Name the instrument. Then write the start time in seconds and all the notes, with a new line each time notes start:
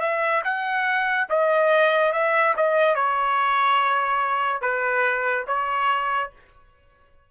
trumpet
0.00 E5
0.44 F#5
1.29 D#5
2.12 E5
2.56 D#5
2.95 C#5
4.61 B4
5.47 C#5